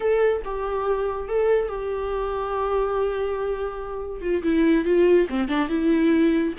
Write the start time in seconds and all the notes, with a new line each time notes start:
0.00 A4
0.44 G4
1.28 A4
1.68 G4
4.21 F4
4.42 E4
4.84 F4
5.29 C4
5.48 D4
5.68 E4